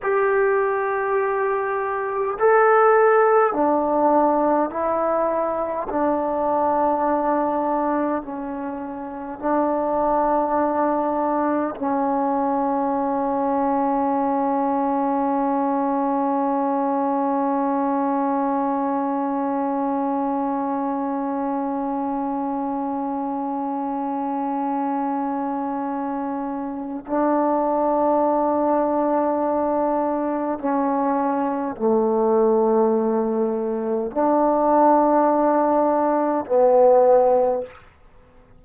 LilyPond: \new Staff \with { instrumentName = "trombone" } { \time 4/4 \tempo 4 = 51 g'2 a'4 d'4 | e'4 d'2 cis'4 | d'2 cis'2~ | cis'1~ |
cis'1~ | cis'2. d'4~ | d'2 cis'4 a4~ | a4 d'2 b4 | }